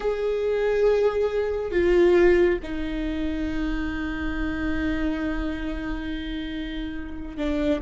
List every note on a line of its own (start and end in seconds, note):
0.00 1.72 G#4
1.72 2.58 F4
2.62 7.37 D#4
7.37 7.80 D4